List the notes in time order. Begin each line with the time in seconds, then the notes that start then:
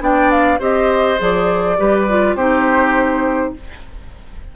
0.00 B3 D4 D5 G5
0.31 F5
0.59 C4 G4 C5 D#5
1.18 F3 G#4 D5
1.77 G3 G4 B4
2.09 F4
2.35 C4 D#4 G4 C5